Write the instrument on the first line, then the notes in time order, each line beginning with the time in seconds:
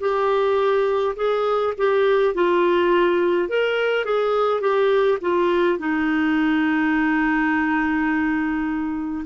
clarinet
0.00 G4
1.16 G#4
1.77 G4
2.34 F4
3.49 A#4
4.04 G#4
4.61 G4
5.21 F4
5.79 D#4